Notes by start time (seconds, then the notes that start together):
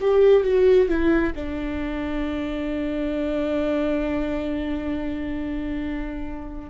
0.00 G4
0.44 F#4
0.88 E4
1.35 D4